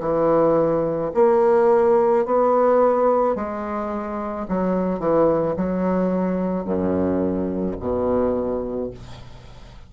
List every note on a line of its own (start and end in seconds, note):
0.00 1.11 E3
1.14 2.25 A#3
2.25 3.35 B3
3.35 4.46 G#3
4.48 4.99 F#3
4.99 5.55 E3
5.57 6.65 F#3
6.65 7.76 F#2
7.80 8.91 B2